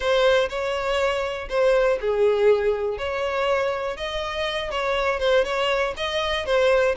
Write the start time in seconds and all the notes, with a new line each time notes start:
0.00 C5
0.49 C#5
1.49 C5
2.00 G#4
2.98 C#5
3.96 D#5
4.70 C#5
5.19 C5
5.44 C#5
5.96 D#5
6.45 C5